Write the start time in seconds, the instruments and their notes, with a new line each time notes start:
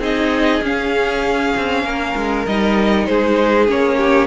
0.00 cello C4, viola D#4, violin G#4 D#5
0.62 cello C#4, viola C#4, violin F5
1.57 cello C4
1.84 cello A#3, violin A#4
2.16 cello G#3
2.47 cello G3, viola D#4, violin D#5
3.06 cello G#3, violin G#4 C5
3.68 cello A#3, viola C#4, violin C#5
3.98 violin G4